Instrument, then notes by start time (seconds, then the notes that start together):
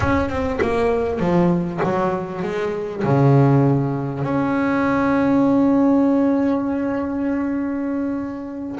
double bass
0.00 C#4
0.29 C4
0.61 A#3
1.19 F3
1.83 F#3
2.42 G#3
3.04 C#3
4.23 C#4